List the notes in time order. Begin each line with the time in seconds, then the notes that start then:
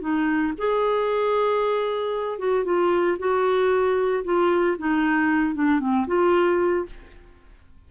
0.00 D#4
0.57 G#4
2.38 F#4
2.64 F4
3.18 F#4
4.24 F4
4.78 D#4
5.54 D4
5.80 C4
6.07 F4